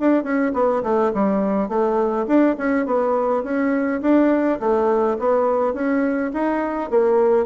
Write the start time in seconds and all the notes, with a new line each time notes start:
0.00 D4
0.24 C#4
0.54 B3
0.83 A3
1.14 G3
1.69 A3
2.27 D4
2.58 C#4
2.86 B3
3.44 C#4
4.02 D4
4.60 A3
5.19 B3
5.74 C#4
6.34 D#4
6.90 A#3